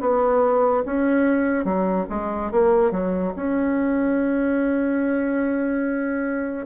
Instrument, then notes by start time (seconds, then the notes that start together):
bassoon
0.00 B3
0.85 C#4
1.65 F#3
2.10 G#3
2.52 A#3
2.91 F#3
3.36 C#4